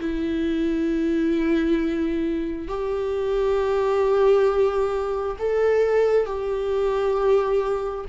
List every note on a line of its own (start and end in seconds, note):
0.00 2.68 E4
2.68 5.36 G4
5.39 6.26 A4
6.26 8.05 G4